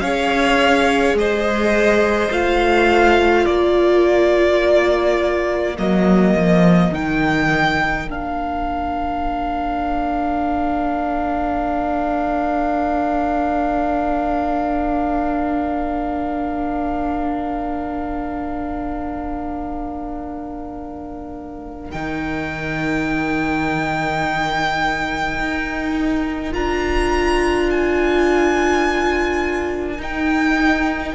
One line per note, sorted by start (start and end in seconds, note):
0.00 1.14 C#4
0.00 2.31 G#4
0.00 1.18 C#5
0.00 1.15 F5
1.14 2.30 G#3
1.14 3.45 C5
1.14 2.32 D#5
2.31 3.46 A3
2.31 5.77 F4
2.31 3.46 F5
3.45 5.78 A#3
3.45 31.14 A#4
3.45 5.76 D5
5.78 6.35 F#3
5.78 6.93 A#3
5.78 6.94 D#5
6.37 6.91 F3
6.91 8.06 D#3
6.91 8.08 D#4
6.91 8.09 G5
8.06 21.90 A#3
8.06 21.94 D4
8.06 21.91 F5
21.91 25.40 D#3
21.91 26.51 D#4
21.91 26.52 G5
25.40 26.55 D#4
26.51 29.98 D4
26.51 29.97 F4
26.51 27.70 A#5
27.70 30.01 G#5
29.98 31.13 D#4
29.98 31.15 D#4
29.98 31.15 G5